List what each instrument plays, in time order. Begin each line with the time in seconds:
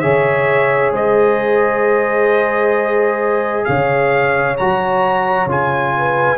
0.00 tuba C#3, trombone G#4, horn C#5, trumpet E5
0.92 tuba G#3, horn C5, trumpet D#5
3.65 tuba C#3, horn C#5, trumpet F5
4.58 tuba F#3, trombone F#4, trumpet A#5
5.46 tuba C#3, trombone F4, trumpet G#5
5.98 horn B4